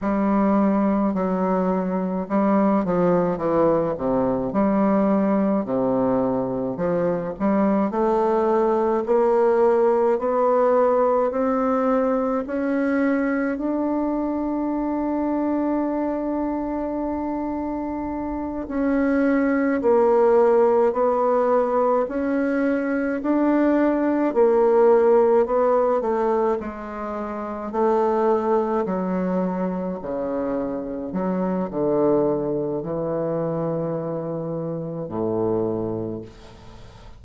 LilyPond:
\new Staff \with { instrumentName = "bassoon" } { \time 4/4 \tempo 4 = 53 g4 fis4 g8 f8 e8 c8 | g4 c4 f8 g8 a4 | ais4 b4 c'4 cis'4 | d'1~ |
d'8 cis'4 ais4 b4 cis'8~ | cis'8 d'4 ais4 b8 a8 gis8~ | gis8 a4 fis4 cis4 fis8 | d4 e2 a,4 | }